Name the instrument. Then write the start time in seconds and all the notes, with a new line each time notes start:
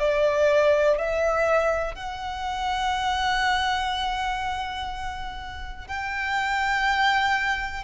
violin
0.00 D5
0.99 E5
1.95 F#5
5.88 G5